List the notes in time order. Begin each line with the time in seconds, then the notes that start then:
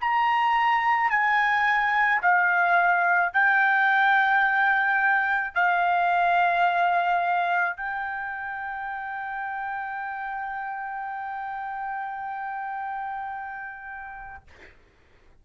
0.00 A#5
1.10 G#5
2.22 F5
3.33 G5
5.55 F5
7.77 G5